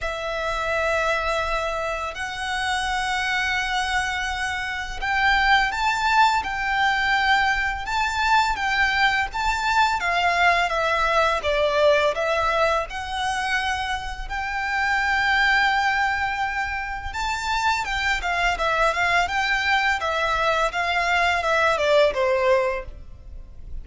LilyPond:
\new Staff \with { instrumentName = "violin" } { \time 4/4 \tempo 4 = 84 e''2. fis''4~ | fis''2. g''4 | a''4 g''2 a''4 | g''4 a''4 f''4 e''4 |
d''4 e''4 fis''2 | g''1 | a''4 g''8 f''8 e''8 f''8 g''4 | e''4 f''4 e''8 d''8 c''4 | }